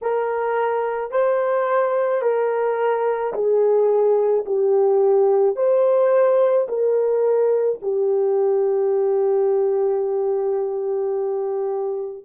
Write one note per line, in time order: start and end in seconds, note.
0.02 1.11 A#4
1.11 2.22 C5
2.22 3.33 A#4
3.33 4.44 G#4
4.45 5.56 G4
5.56 6.67 C5
6.68 7.79 A#4
7.82 12.24 G4